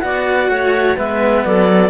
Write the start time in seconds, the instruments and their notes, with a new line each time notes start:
0.00 cello B3 F#4, clarinet D5 F#5
0.49 cello A3, clarinet C#5
0.96 cello G#3 B3, clarinet B4 E5
1.45 cello F#3, clarinet A4 D5